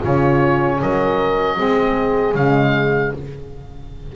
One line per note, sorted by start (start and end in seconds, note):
0.00 0.81 C#3
0.00 1.56 C#4
0.00 0.78 F4
0.00 0.82 C#5
0.82 1.60 F#3
0.82 1.57 A#4
0.82 2.35 D#5
1.56 2.35 G#3
1.56 2.34 C4
1.56 3.13 G#4
2.35 3.13 C#3
2.35 3.16 G#3
2.35 3.13 F5